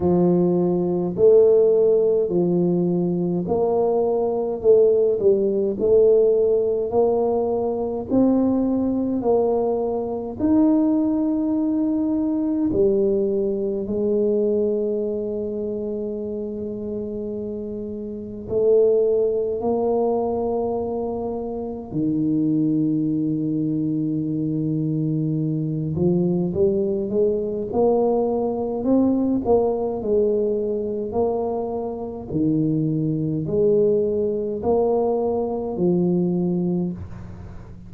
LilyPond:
\new Staff \with { instrumentName = "tuba" } { \time 4/4 \tempo 4 = 52 f4 a4 f4 ais4 | a8 g8 a4 ais4 c'4 | ais4 dis'2 g4 | gis1 |
a4 ais2 dis4~ | dis2~ dis8 f8 g8 gis8 | ais4 c'8 ais8 gis4 ais4 | dis4 gis4 ais4 f4 | }